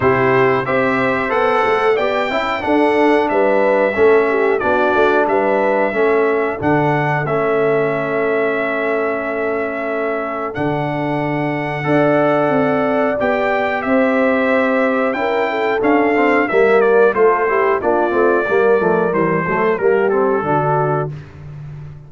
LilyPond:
<<
  \new Staff \with { instrumentName = "trumpet" } { \time 4/4 \tempo 4 = 91 c''4 e''4 fis''4 g''4 | fis''4 e''2 d''4 | e''2 fis''4 e''4~ | e''1 |
fis''1 | g''4 e''2 g''4 | f''4 e''8 d''8 c''4 d''4~ | d''4 c''4 ais'8 a'4. | }
  \new Staff \with { instrumentName = "horn" } { \time 4/4 g'4 c''2 d''8 e''8 | a'4 b'4 a'8 g'8 fis'4 | b'4 a'2.~ | a'1~ |
a'2 d''2~ | d''4 c''2 ais'8 a'8~ | a'4 ais'4 a'8 g'8 f'4 | ais'4. a'8 g'4 fis'4 | }
  \new Staff \with { instrumentName = "trombone" } { \time 4/4 e'4 g'4 a'4 g'8 e'8 | d'2 cis'4 d'4~ | d'4 cis'4 d'4 cis'4~ | cis'1 |
d'2 a'2 | g'2. e'4 | cis'8 c'8 ais4 f'8 e'8 d'8 c'8 | ais8 a8 g8 a8 ais8 c'8 d'4 | }
  \new Staff \with { instrumentName = "tuba" } { \time 4/4 c4 c'4 b8 a8 b8 cis'8 | d'4 g4 a4 b8 a8 | g4 a4 d4 a4~ | a1 |
d2 d'4 c'4 | b4 c'2 cis'4 | d'4 g4 a4 ais8 a8 | g8 f8 e8 fis8 g4 d4 | }
>>